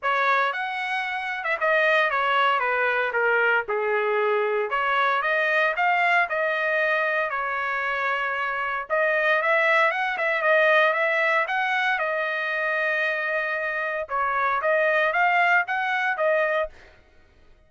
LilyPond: \new Staff \with { instrumentName = "trumpet" } { \time 4/4 \tempo 4 = 115 cis''4 fis''4.~ fis''16 e''16 dis''4 | cis''4 b'4 ais'4 gis'4~ | gis'4 cis''4 dis''4 f''4 | dis''2 cis''2~ |
cis''4 dis''4 e''4 fis''8 e''8 | dis''4 e''4 fis''4 dis''4~ | dis''2. cis''4 | dis''4 f''4 fis''4 dis''4 | }